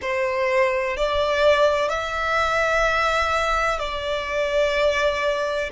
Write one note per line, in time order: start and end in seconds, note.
0.01 0.97 C5
0.97 1.89 D5
1.89 3.79 E5
3.79 5.69 D5